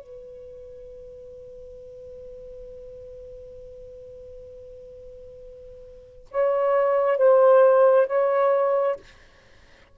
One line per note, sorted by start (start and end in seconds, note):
0.00 6.27 B4
6.31 7.17 C#5
7.17 8.06 C5
8.06 8.96 C#5